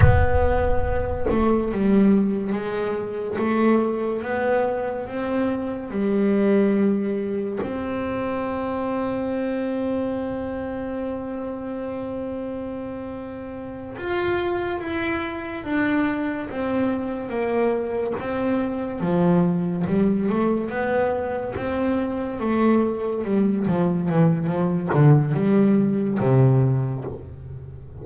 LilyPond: \new Staff \with { instrumentName = "double bass" } { \time 4/4 \tempo 4 = 71 b4. a8 g4 gis4 | a4 b4 c'4 g4~ | g4 c'2.~ | c'1~ |
c'8 f'4 e'4 d'4 c'8~ | c'8 ais4 c'4 f4 g8 | a8 b4 c'4 a4 g8 | f8 e8 f8 d8 g4 c4 | }